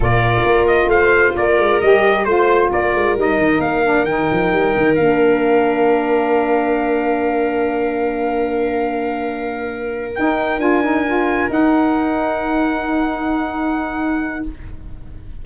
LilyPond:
<<
  \new Staff \with { instrumentName = "trumpet" } { \time 4/4 \tempo 4 = 133 d''4. dis''8 f''4 d''4 | dis''4 c''4 d''4 dis''4 | f''4 g''2 f''4~ | f''1~ |
f''1~ | f''2~ f''8 g''4 gis''8~ | gis''4. fis''2~ fis''8~ | fis''1 | }
  \new Staff \with { instrumentName = "viola" } { \time 4/4 ais'2 c''4 ais'4~ | ais'4 c''4 ais'2~ | ais'1~ | ais'1~ |
ais'1~ | ais'1~ | ais'1~ | ais'1 | }
  \new Staff \with { instrumentName = "saxophone" } { \time 4/4 f'1 | g'4 f'2 dis'4~ | dis'8 d'8 dis'2 d'4~ | d'1~ |
d'1~ | d'2~ d'8 dis'4 f'8 | dis'8 f'4 dis'2~ dis'8~ | dis'1 | }
  \new Staff \with { instrumentName = "tuba" } { \time 4/4 ais,4 ais4 a4 ais8 gis8 | g4 a4 ais8 gis8 g8 dis8 | ais4 dis8 f8 g8 dis8 ais4~ | ais1~ |
ais1~ | ais2~ ais8 dis'4 d'8~ | d'4. dis'2~ dis'8~ | dis'1 | }
>>